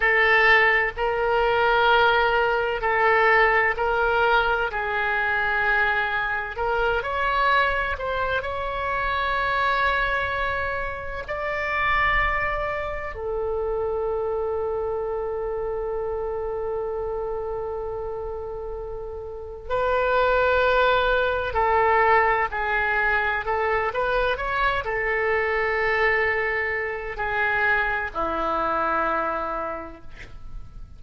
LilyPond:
\new Staff \with { instrumentName = "oboe" } { \time 4/4 \tempo 4 = 64 a'4 ais'2 a'4 | ais'4 gis'2 ais'8 cis''8~ | cis''8 c''8 cis''2. | d''2 a'2~ |
a'1~ | a'4 b'2 a'4 | gis'4 a'8 b'8 cis''8 a'4.~ | a'4 gis'4 e'2 | }